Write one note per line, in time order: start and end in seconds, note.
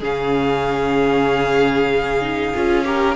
0.00 2.53 C#3
0.00 2.21 C#4
0.00 2.84 G#4
0.00 3.15 F5
2.21 2.52 D#4
2.55 3.15 C#4
2.55 2.84 F4
2.84 3.15 G4
2.84 3.15 A#4